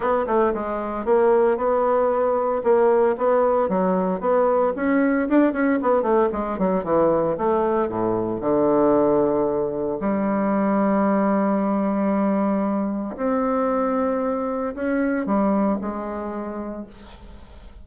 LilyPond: \new Staff \with { instrumentName = "bassoon" } { \time 4/4 \tempo 4 = 114 b8 a8 gis4 ais4 b4~ | b4 ais4 b4 fis4 | b4 cis'4 d'8 cis'8 b8 a8 | gis8 fis8 e4 a4 a,4 |
d2. g4~ | g1~ | g4 c'2. | cis'4 g4 gis2 | }